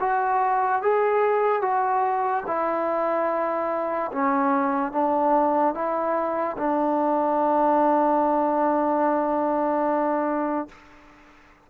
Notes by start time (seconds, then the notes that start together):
0.00 F#4
0.82 G#4
1.61 F#4
2.47 E4
4.12 C#4
4.92 D4
5.74 E4
6.58 D4